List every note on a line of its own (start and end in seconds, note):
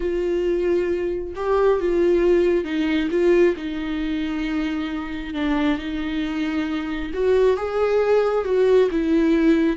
0.00 1.34 F4
1.35 1.80 G4
1.80 2.64 F4
2.64 3.08 D#4
3.11 3.55 F4
3.56 5.34 D#4
5.34 5.78 D4
5.78 7.11 D#4
7.13 7.56 F#4
7.56 8.44 G#4
8.44 8.89 F#4
8.91 9.76 E4